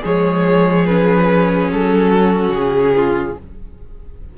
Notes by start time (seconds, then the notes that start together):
0.00 F3 G#3 G#4 C#5
0.86 C#4 B4
1.72 F#3 A4
2.10 F#4
2.48 C#3 G#4
2.96 F4